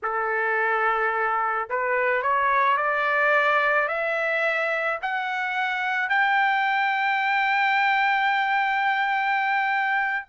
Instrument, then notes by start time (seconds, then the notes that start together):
trumpet
0.02 A4
1.69 B4
2.22 C#5
2.77 D5
3.88 E5
5.02 F#5
6.09 G5